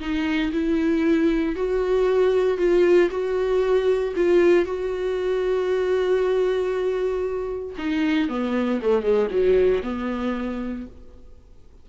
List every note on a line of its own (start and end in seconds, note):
0.00 0.52 D#4
0.52 1.55 E4
1.55 2.58 F#4
2.58 3.09 F4
3.10 4.14 F#4
4.16 4.66 F4
4.66 7.76 F#4
7.78 8.29 D#4
8.29 8.80 B3
8.82 9.03 A3
9.03 9.28 G#3
9.31 9.82 F#3
9.83 10.86 B3